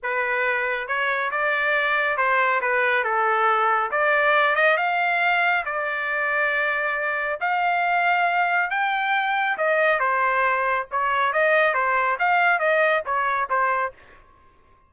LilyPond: \new Staff \with { instrumentName = "trumpet" } { \time 4/4 \tempo 4 = 138 b'2 cis''4 d''4~ | d''4 c''4 b'4 a'4~ | a'4 d''4. dis''8 f''4~ | f''4 d''2.~ |
d''4 f''2. | g''2 dis''4 c''4~ | c''4 cis''4 dis''4 c''4 | f''4 dis''4 cis''4 c''4 | }